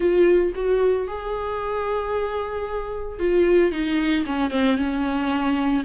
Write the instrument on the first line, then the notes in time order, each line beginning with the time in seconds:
viola
0.00 F4
0.55 F#4
1.07 G#4
3.19 F4
3.71 D#4
4.26 C#4
4.50 C4
4.77 C#4